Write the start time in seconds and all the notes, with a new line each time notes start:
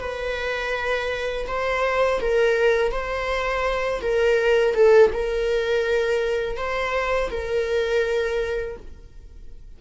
0.00 B4
1.47 C5
2.21 A#4
2.92 C5
4.02 A#4
4.75 A4
5.13 A#4
6.57 C5
7.30 A#4